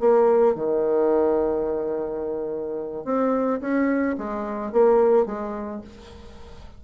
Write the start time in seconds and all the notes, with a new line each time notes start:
0.00 A#3
0.56 D#3
3.05 C4
3.61 C#4
4.18 G#3
4.72 A#3
5.26 G#3